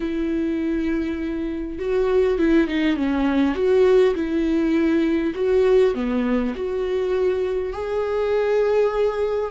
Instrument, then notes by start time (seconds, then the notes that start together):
viola
0.00 E4
1.78 F#4
2.38 E4
2.67 D#4
2.96 C#4
3.55 F#4
4.14 E4
5.35 F#4
5.94 B3
6.55 F#4
7.73 G#4